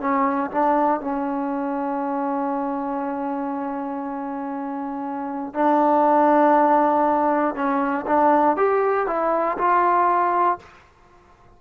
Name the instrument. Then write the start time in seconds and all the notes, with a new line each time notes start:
trombone
0.00 C#4
0.51 D4
1.00 C#4
5.53 D4
7.55 C#4
8.06 D4
8.56 G4
9.07 E4
9.58 F4